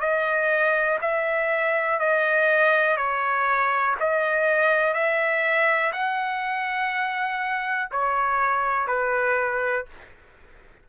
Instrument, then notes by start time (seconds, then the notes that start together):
trumpet
0.00 D#5
1.01 E5
1.99 D#5
2.97 C#5
3.99 D#5
4.94 E5
5.92 F#5
7.91 C#5
8.87 B4